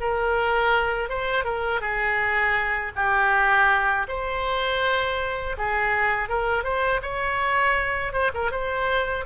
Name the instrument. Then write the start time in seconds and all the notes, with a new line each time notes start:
oboe
0.00 A#4
1.09 C5
1.44 A#4
1.81 G#4
2.95 G4
4.08 C5
5.58 G#4
6.29 A#4
6.64 C5
7.02 C#5
8.13 C5
8.34 A#4
8.51 C5